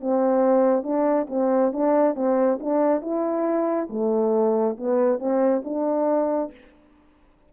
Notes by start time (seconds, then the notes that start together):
0.00 C4
0.83 D4
1.29 C4
1.72 D4
2.15 C4
2.60 D4
3.01 E4
3.89 A3
4.77 B3
5.19 C4
5.64 D4